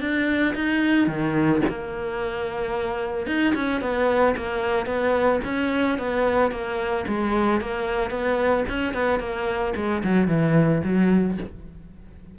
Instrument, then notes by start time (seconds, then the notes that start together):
cello
0.00 D4
0.55 D#4
1.07 D#3
1.68 A#3
3.27 D#4
3.55 C#4
3.81 B3
4.36 A#3
4.86 B3
5.44 C#4
5.98 B3
6.51 A#3
7.07 G#3
7.60 A#3
8.10 B3
8.68 C#4
8.93 B3
9.19 A#3
9.76 G#3
10.03 F#3
10.28 E3
10.83 F#3